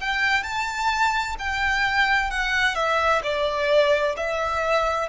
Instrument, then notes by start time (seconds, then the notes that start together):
violin
0.00 G5
0.43 A5
1.38 G5
2.30 F#5
2.75 E5
3.23 D5
4.17 E5